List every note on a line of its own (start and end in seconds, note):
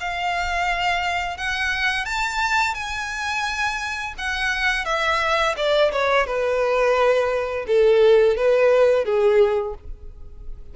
0.00 1.37 F5
1.37 2.05 F#5
2.05 2.74 A5
2.74 4.14 G#5
4.18 4.85 F#5
4.85 5.55 E5
5.57 5.91 D5
5.92 6.26 C#5
6.26 7.66 B4
7.67 8.37 A4
8.37 9.05 B4
9.05 9.75 G#4